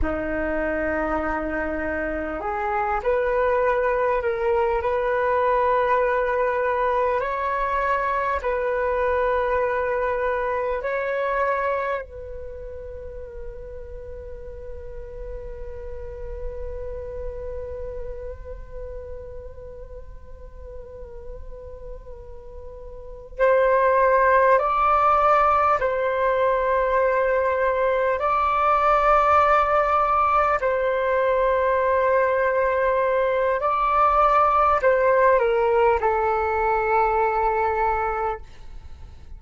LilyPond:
\new Staff \with { instrumentName = "flute" } { \time 4/4 \tempo 4 = 50 dis'2 gis'8 b'4 ais'8 | b'2 cis''4 b'4~ | b'4 cis''4 b'2~ | b'1~ |
b'2.~ b'8 c''8~ | c''8 d''4 c''2 d''8~ | d''4. c''2~ c''8 | d''4 c''8 ais'8 a'2 | }